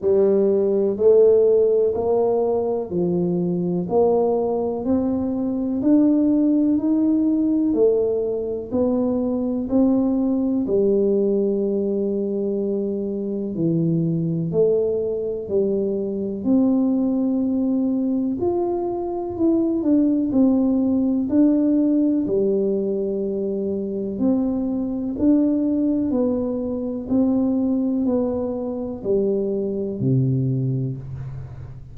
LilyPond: \new Staff \with { instrumentName = "tuba" } { \time 4/4 \tempo 4 = 62 g4 a4 ais4 f4 | ais4 c'4 d'4 dis'4 | a4 b4 c'4 g4~ | g2 e4 a4 |
g4 c'2 f'4 | e'8 d'8 c'4 d'4 g4~ | g4 c'4 d'4 b4 | c'4 b4 g4 c4 | }